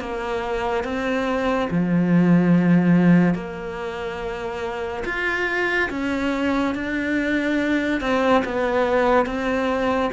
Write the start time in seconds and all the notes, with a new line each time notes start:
0.00 A#3
0.84 C4
1.70 F3
3.35 A#3
5.05 F4
5.90 C#4
6.75 D4
8.01 C4
8.45 B3
9.26 C4